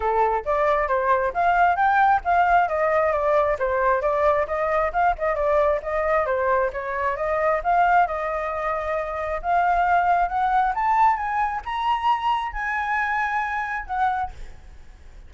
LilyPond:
\new Staff \with { instrumentName = "flute" } { \time 4/4 \tempo 4 = 134 a'4 d''4 c''4 f''4 | g''4 f''4 dis''4 d''4 | c''4 d''4 dis''4 f''8 dis''8 | d''4 dis''4 c''4 cis''4 |
dis''4 f''4 dis''2~ | dis''4 f''2 fis''4 | a''4 gis''4 ais''2 | gis''2. fis''4 | }